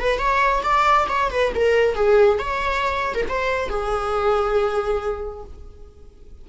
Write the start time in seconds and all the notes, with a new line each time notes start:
0.00 B4
0.19 C#5
0.64 D5
1.09 C#5
1.31 B4
1.55 A#4
1.95 G#4
2.39 C#5
3.15 A#4
3.29 C5
3.69 G#4